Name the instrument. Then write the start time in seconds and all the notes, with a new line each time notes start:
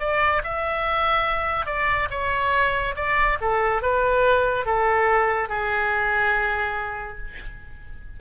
oboe
0.00 D5
0.44 E5
1.66 D5
2.11 C#5
2.96 D5
3.41 A4
3.83 B4
4.66 A4
5.49 G#4